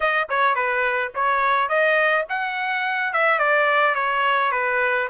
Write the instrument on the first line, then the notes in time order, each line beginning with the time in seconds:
trumpet
0.00 D#5
0.29 C#5
0.55 B4
1.14 C#5
1.68 D#5
2.29 F#5
3.13 E5
3.38 D5
3.95 C#5
4.51 B4